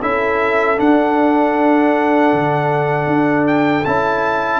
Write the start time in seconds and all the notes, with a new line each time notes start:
0.00 C#4 E4 A4 E5
0.76 D4 F#5
2.32 D3
3.06 D4
3.47 G5
3.84 C#4 E4 A5